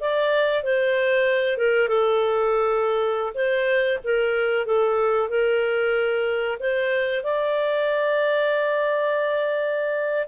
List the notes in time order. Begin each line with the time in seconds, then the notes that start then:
0.00 D5
0.63 C5
1.57 A#4
1.88 A4
3.34 C5
4.04 A#4
4.66 A4
5.29 A#4
6.59 C5
7.23 D5